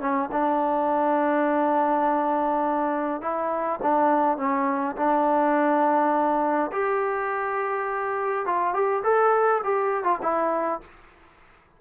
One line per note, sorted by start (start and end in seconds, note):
0.00 0.29 C#4
0.32 3.21 D4
3.21 3.80 E4
3.82 4.37 D4
4.37 4.95 C#4
4.96 6.71 D4
6.72 8.45 G4
8.45 8.74 F4
8.74 9.03 G4
9.03 9.61 A4
9.64 10.04 G4
10.04 10.18 F4
10.22 10.80 E4